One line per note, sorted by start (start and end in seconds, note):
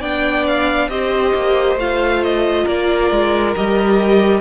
0.00 0.88 B3
0.00 0.89 D4
0.00 0.88 D5
0.00 0.46 G5
0.47 0.89 F5
0.88 1.32 C4
0.88 1.78 G4
0.88 2.63 C5
0.88 1.77 D#5
1.34 1.75 A#3
1.75 2.63 A3
1.75 3.55 F4
1.75 2.23 F5
2.23 2.66 D#5
2.63 3.11 A#3
2.63 4.40 A#4
2.63 3.55 D5
3.11 3.55 G#3
3.55 4.41 G3
3.55 4.41 G4
3.55 4.41 D#5